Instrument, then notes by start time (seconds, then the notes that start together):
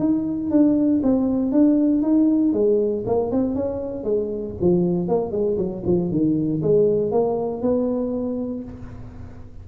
tuba
0.00 D#4
0.51 D4
1.03 C4
1.52 D4
2.02 D#4
2.54 G#3
3.06 A#3
3.32 C4
3.55 C#4
4.04 G#3
4.61 F3
5.09 A#3
5.32 G#3
5.58 F#3
5.86 F3
6.11 D#3
6.63 G#3
7.12 A#3
7.62 B3